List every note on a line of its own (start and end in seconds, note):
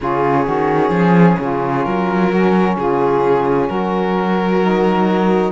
0.00 0.47 C#3
0.00 2.29 C#4
0.00 0.45 F4
0.00 1.84 G#4
0.45 0.89 D#3
0.45 0.91 F#4
0.89 1.35 F3
0.89 1.40 G#4
1.39 1.85 C#3
1.39 2.32 F4
1.84 2.76 F#3
1.84 2.76 A#4
2.29 4.61 C#4
2.29 2.75 F#4
2.76 3.68 C#3
2.76 3.68 F4
2.76 3.69 G#4
3.68 5.51 F#3
3.68 5.51 F#4
3.68 5.51 A#4
4.61 5.51 D#4